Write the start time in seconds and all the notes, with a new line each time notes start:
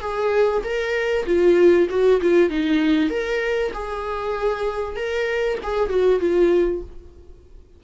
0.00 G#4
0.64 A#4
1.26 F4
1.89 F#4
2.21 F4
2.49 D#4
3.10 A#4
3.73 G#4
4.96 A#4
5.62 G#4
5.89 F#4
6.19 F4